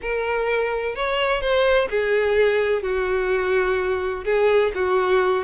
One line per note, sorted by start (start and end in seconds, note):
0.01 0.95 A#4
0.95 1.41 C#5
1.41 1.88 C5
1.90 2.82 G#4
2.82 4.24 F#4
4.25 4.72 G#4
4.74 5.43 F#4